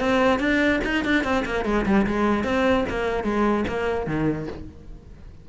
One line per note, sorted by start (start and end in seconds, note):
0.00 0.40 C4
0.40 0.80 D4
0.84 1.05 D#4
1.05 1.24 D4
1.24 1.45 C4
1.46 1.65 A#3
1.65 1.86 G#3
1.86 2.06 G3
2.07 2.44 G#3
2.44 2.85 C4
2.89 3.24 A#3
3.24 3.65 G#3
3.68 4.07 A#3
4.07 4.48 D#3